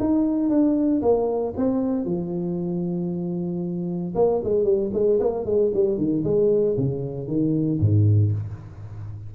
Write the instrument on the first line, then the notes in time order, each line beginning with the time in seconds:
tuba
0.00 D#4
0.50 D4
1.02 A#3
1.57 C4
2.05 F3
4.15 A#3
4.44 G#3
4.65 G3
4.94 G#3
5.20 A#3
5.45 G#3
5.74 G3
5.97 D#3
6.24 G#3
6.78 C#3
7.27 D#3
7.80 G#2